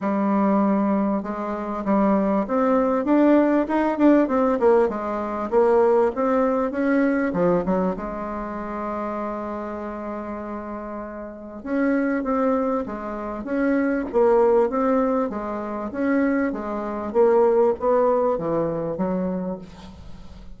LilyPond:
\new Staff \with { instrumentName = "bassoon" } { \time 4/4 \tempo 4 = 98 g2 gis4 g4 | c'4 d'4 dis'8 d'8 c'8 ais8 | gis4 ais4 c'4 cis'4 | f8 fis8 gis2.~ |
gis2. cis'4 | c'4 gis4 cis'4 ais4 | c'4 gis4 cis'4 gis4 | ais4 b4 e4 fis4 | }